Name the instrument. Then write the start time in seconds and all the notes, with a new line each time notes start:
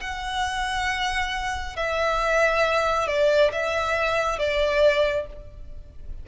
violin
0.00 F#5
1.76 E5
3.07 D5
3.52 E5
4.38 D5